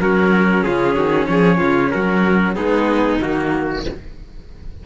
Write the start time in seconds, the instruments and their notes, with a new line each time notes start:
0.00 cello F#3 C#4, violin F#4, trumpet A#4
0.63 cello C#3, violin F4, trumpet G#4
0.94 cello D#3, violin F#4
1.26 cello F3, violin G#4, trumpet C#5
1.57 cello C#3, violin F4
1.90 cello F#3, violin F#4, trumpet A#4
2.55 cello G#3 B3, violin D#4, trumpet G#4
3.20 cello D#3 A#3, trumpet F#4